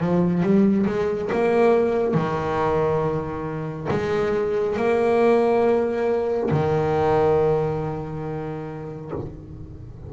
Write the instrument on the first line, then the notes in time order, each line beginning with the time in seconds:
double bass
0.00 F3
0.42 G3
0.86 G#3
1.32 A#3
2.14 D#3
3.90 G#3
4.76 A#3
6.51 D#3